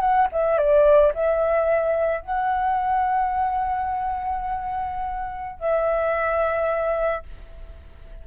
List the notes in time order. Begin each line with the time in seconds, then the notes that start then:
0.00 F#5
0.32 E5
0.58 D5
1.14 E5
2.21 F#5
5.59 E5